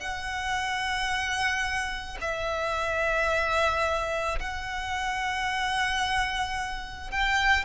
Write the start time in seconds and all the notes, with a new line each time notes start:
0.00 F#5
2.21 E5
4.39 F#5
7.11 G5